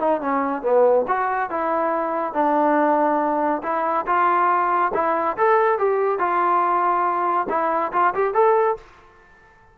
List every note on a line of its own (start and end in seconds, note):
0.00 0.21 D#4
0.21 0.63 C#4
0.63 1.06 B3
1.08 1.50 F#4
1.50 2.34 E4
2.34 3.63 D4
3.63 4.06 E4
4.07 4.92 F4
4.94 5.37 E4
5.38 5.79 A4
5.79 6.19 G4
6.19 7.48 F4
7.50 7.92 E4
7.93 8.14 F4
8.15 8.35 G4
8.35 8.77 A4